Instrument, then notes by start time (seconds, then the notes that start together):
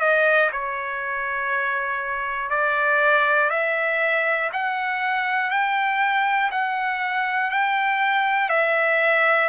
trumpet
0.00 D#5
0.52 C#5
2.50 D5
3.50 E5
4.53 F#5
5.50 G5
6.51 F#5
7.51 G5
8.50 E5